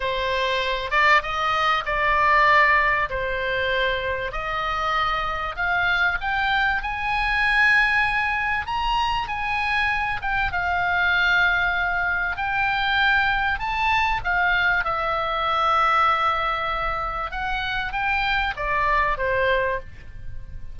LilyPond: \new Staff \with { instrumentName = "oboe" } { \time 4/4 \tempo 4 = 97 c''4. d''8 dis''4 d''4~ | d''4 c''2 dis''4~ | dis''4 f''4 g''4 gis''4~ | gis''2 ais''4 gis''4~ |
gis''8 g''8 f''2. | g''2 a''4 f''4 | e''1 | fis''4 g''4 d''4 c''4 | }